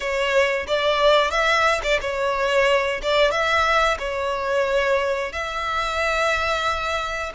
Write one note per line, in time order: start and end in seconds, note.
0.00 0.66 C#5
0.67 1.30 D5
1.30 1.80 E5
1.83 1.99 D5
2.01 3.01 C#5
3.02 3.31 D5
3.31 3.97 E5
3.98 5.32 C#5
5.32 7.32 E5